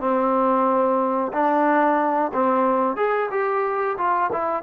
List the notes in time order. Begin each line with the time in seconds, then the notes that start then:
0.00 C4
1.33 D4
2.33 C4
2.96 G#4
3.31 G4
3.97 F4
4.32 E4